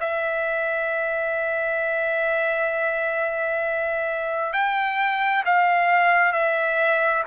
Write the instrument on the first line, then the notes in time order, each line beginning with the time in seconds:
trumpet
0.00 E5
4.52 G5
5.45 F5
6.32 E5